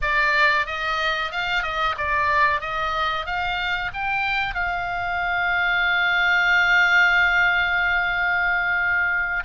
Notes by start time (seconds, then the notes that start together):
0.01 D5
0.66 D#5
1.31 F5
1.62 D#5
1.97 D5
2.61 D#5
3.25 F5
3.93 G5
4.54 F5